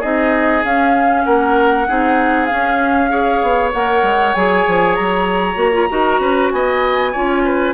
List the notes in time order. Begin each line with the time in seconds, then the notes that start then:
0.00 C4 D#4 G#4 D#5
0.64 C#4 F5
1.24 A#3 A#4 F#5
1.88 C4 D#4 G#4
2.46 C#4 F5
3.09 G#4 C#5
3.42 B3
3.73 A#3 A#4 F#5
4.03 G#3
4.35 F#3 G#4 G#5
4.67 F3
4.95 F#3 A#5
5.55 A#3 F#4
5.73 F4
5.89 D#4 F#4 A#4
6.20 C#4 B4
6.51 B3 D#5 G#5
7.12 C#4 F4 C#5
7.44 B4